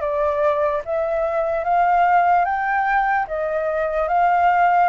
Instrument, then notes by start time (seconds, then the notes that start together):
flute
0.00 D5
0.85 E5
1.64 F5
2.45 G5
3.27 D#5
4.08 F5